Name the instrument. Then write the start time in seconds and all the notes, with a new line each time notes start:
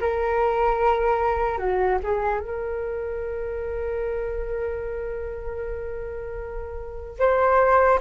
flute
0.00 A#4
1.58 F#4
2.03 G#4
2.39 A#4
7.19 C5